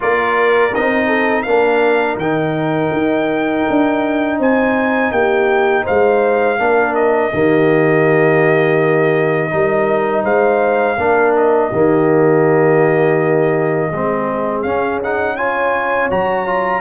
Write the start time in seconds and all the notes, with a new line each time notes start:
0.00 A#3 F4 A#4 D5
0.74 C4 D#4 D#5
1.06 A4
1.42 A#3 D4 A#4 F5
2.16 D#3 D#4 G5
2.92 D#4
3.69 D4
4.38 C4 C5 G#5
5.11 A#3 G4 G5
5.83 G#3 C5 F5
6.58 A#3 D4 A#4
6.95 D#5
7.33 D#3 A#3 G4
9.50 G3 D#4 A#4
10.23 G#3 C5 F5
10.97 A#3 D4 A#4
11.36 D#5
11.70 D#3 A#3 G4
13.91 G#3 C4 G#4
14.62 C#4 F5
15.03 D#4 F#5
15.35 F4 C#5 G#5
16.10 F#3 F#4 A#5
16.45 F4